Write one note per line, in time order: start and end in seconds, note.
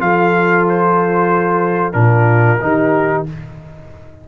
0.00 1.95 F3
0.00 1.93 F4
0.00 1.98 A4
0.00 0.66 F5
0.69 1.93 C5
1.93 2.60 A#2
1.93 2.58 D4
1.93 2.63 F4
1.93 3.24 A#4
2.61 3.27 D#3
2.61 3.26 D#4
2.61 3.29 G4